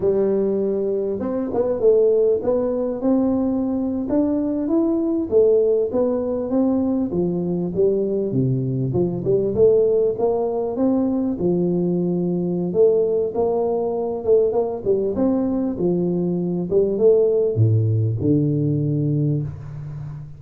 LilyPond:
\new Staff \with { instrumentName = "tuba" } { \time 4/4 \tempo 4 = 99 g2 c'8 b8 a4 | b4 c'4.~ c'16 d'4 e'16~ | e'8. a4 b4 c'4 f16~ | f8. g4 c4 f8 g8 a16~ |
a8. ais4 c'4 f4~ f16~ | f4 a4 ais4. a8 | ais8 g8 c'4 f4. g8 | a4 a,4 d2 | }